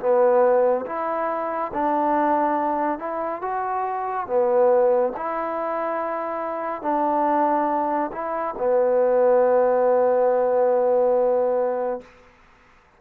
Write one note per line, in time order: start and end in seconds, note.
0.00 0.86 B3
0.86 1.72 E4
1.74 2.99 D4
2.99 3.42 E4
3.42 4.27 F#4
4.27 5.13 B3
5.17 6.83 E4
6.83 8.11 D4
8.12 8.55 E4
8.58 12.01 B3